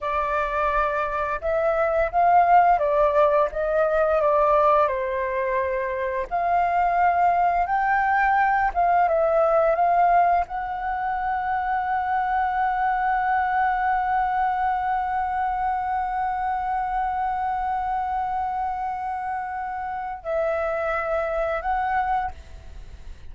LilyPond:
\new Staff \with { instrumentName = "flute" } { \time 4/4 \tempo 4 = 86 d''2 e''4 f''4 | d''4 dis''4 d''4 c''4~ | c''4 f''2 g''4~ | g''8 f''8 e''4 f''4 fis''4~ |
fis''1~ | fis''1~ | fis''1~ | fis''4 e''2 fis''4 | }